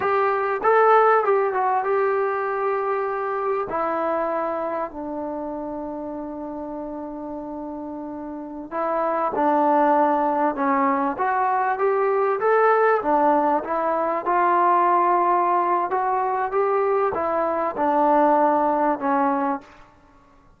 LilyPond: \new Staff \with { instrumentName = "trombone" } { \time 4/4 \tempo 4 = 98 g'4 a'4 g'8 fis'8 g'4~ | g'2 e'2 | d'1~ | d'2~ d'16 e'4 d'8.~ |
d'4~ d'16 cis'4 fis'4 g'8.~ | g'16 a'4 d'4 e'4 f'8.~ | f'2 fis'4 g'4 | e'4 d'2 cis'4 | }